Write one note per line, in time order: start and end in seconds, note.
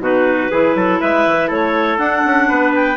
0.00 0.50 B2
0.00 0.51 D#4
0.00 0.51 F#4
0.00 1.01 B4
0.51 0.76 E3
0.51 1.99 E4
0.51 0.76 G#4
0.76 1.00 F#3
0.76 1.01 A4
1.01 1.26 G#3
1.01 1.48 B4
1.01 1.51 E5
1.26 1.51 E3
1.48 1.98 A3
1.48 2.48 A4
1.48 1.99 C#5
1.98 2.23 D4
1.98 2.97 D4
1.98 2.73 F#5
2.26 2.50 C#4
2.49 2.97 B3
2.49 2.97 B4
2.75 2.97 G5